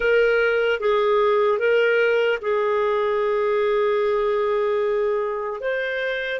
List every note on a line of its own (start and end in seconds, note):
0.00 0.80 A#4
0.80 1.58 G#4
1.58 2.38 A#4
2.41 5.60 G#4
5.60 6.40 C5